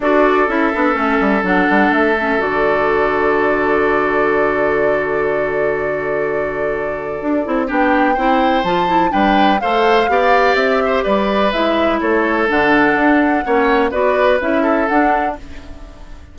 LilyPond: <<
  \new Staff \with { instrumentName = "flute" } { \time 4/4 \tempo 4 = 125 d''4 e''2 fis''4 | e''4 d''2.~ | d''1~ | d''1 |
g''2 a''4 g''4 | f''2 e''4 d''4 | e''4 cis''4 fis''2~ | fis''4 d''4 e''4 fis''4 | }
  \new Staff \with { instrumentName = "oboe" } { \time 4/4 a'1~ | a'1~ | a'1~ | a'1 |
g'4 c''2 b'4 | c''4 d''4. c''8 b'4~ | b'4 a'2. | cis''4 b'4. a'4. | }
  \new Staff \with { instrumentName = "clarinet" } { \time 4/4 fis'4 e'8 d'8 cis'4 d'4~ | d'8 cis'8 fis'2.~ | fis'1~ | fis'2.~ fis'8 e'8 |
d'4 e'4 f'8 e'8 d'4 | a'4 g'2. | e'2 d'2 | cis'4 fis'4 e'4 d'4 | }
  \new Staff \with { instrumentName = "bassoon" } { \time 4/4 d'4 cis'8 b8 a8 g8 fis8 g8 | a4 d2.~ | d1~ | d2. d'8 c'8 |
b4 c'4 f4 g4 | a4 b4 c'4 g4 | gis4 a4 d4 d'4 | ais4 b4 cis'4 d'4 | }
>>